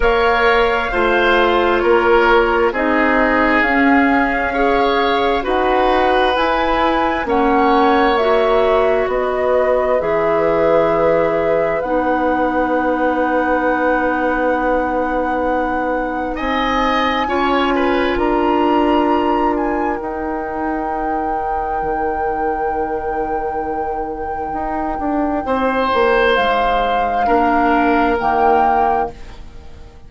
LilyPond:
<<
  \new Staff \with { instrumentName = "flute" } { \time 4/4 \tempo 4 = 66 f''2 cis''4 dis''4 | f''2 fis''4 gis''4 | fis''4 e''4 dis''4 e''4~ | e''4 fis''2.~ |
fis''2 gis''2 | ais''4. gis''8 g''2~ | g''1~ | g''4 f''2 g''4 | }
  \new Staff \with { instrumentName = "oboe" } { \time 4/4 cis''4 c''4 ais'4 gis'4~ | gis'4 cis''4 b'2 | cis''2 b'2~ | b'1~ |
b'2 dis''4 cis''8 b'8 | ais'1~ | ais'1 | c''2 ais'2 | }
  \new Staff \with { instrumentName = "clarinet" } { \time 4/4 ais'4 f'2 dis'4 | cis'4 gis'4 fis'4 e'4 | cis'4 fis'2 gis'4~ | gis'4 dis'2.~ |
dis'2. f'4~ | f'2 dis'2~ | dis'1~ | dis'2 d'4 ais4 | }
  \new Staff \with { instrumentName = "bassoon" } { \time 4/4 ais4 a4 ais4 c'4 | cis'2 dis'4 e'4 | ais2 b4 e4~ | e4 b2.~ |
b2 c'4 cis'4 | d'2 dis'2 | dis2. dis'8 d'8 | c'8 ais8 gis4 ais4 dis4 | }
>>